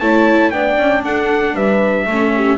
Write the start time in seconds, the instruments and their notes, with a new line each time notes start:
0.00 double bass A3, viola E4, horn C#5, trumpet A5
0.51 double bass B3, viola D4, horn D5, trumpet G5
0.78 double bass C#4
1.03 double bass D4, horn A4, trumpet F#5
1.54 double bass G3, horn B4, trumpet E5
2.06 double bass A3, viola C#4, horn A4
2.36 horn G4